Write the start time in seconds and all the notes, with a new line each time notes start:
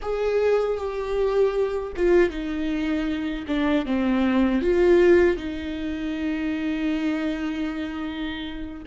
0.02 G#4
0.77 G4
1.96 F4
2.29 D#4
3.47 D4
3.85 C4
4.61 F4
5.37 D#4